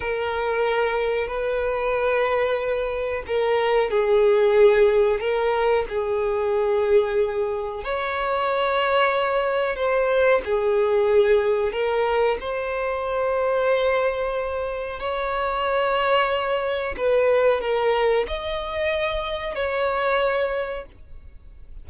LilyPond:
\new Staff \with { instrumentName = "violin" } { \time 4/4 \tempo 4 = 92 ais'2 b'2~ | b'4 ais'4 gis'2 | ais'4 gis'2. | cis''2. c''4 |
gis'2 ais'4 c''4~ | c''2. cis''4~ | cis''2 b'4 ais'4 | dis''2 cis''2 | }